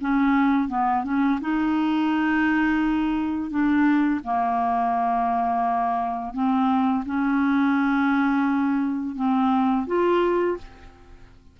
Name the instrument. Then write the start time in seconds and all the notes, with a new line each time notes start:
clarinet
0.00 C#4
0.68 B3
1.04 C#4
1.41 D#4
3.50 D4
4.24 A#3
6.33 C4
7.05 C#4
9.15 C4
9.86 F4